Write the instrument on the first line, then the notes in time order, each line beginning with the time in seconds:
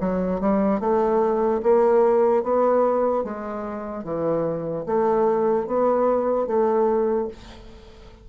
bassoon
0.00 F#3
0.41 G3
0.80 A3
1.63 A#3
2.43 B3
3.24 G#3
4.04 E3
4.86 A3
5.67 B3
6.47 A3